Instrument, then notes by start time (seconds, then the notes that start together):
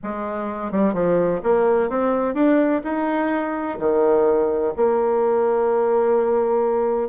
bassoon
0.03 G#3
0.71 G3
0.93 F3
1.43 A#3
1.89 C4
2.34 D4
2.83 D#4
3.79 D#3
4.76 A#3